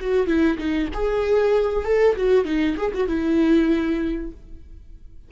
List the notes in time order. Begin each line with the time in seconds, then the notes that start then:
0.00 F#4
0.27 E4
0.58 D#4
0.94 G#4
1.85 A4
2.16 F#4
2.45 D#4
2.77 G#4
2.94 F#4
3.08 E4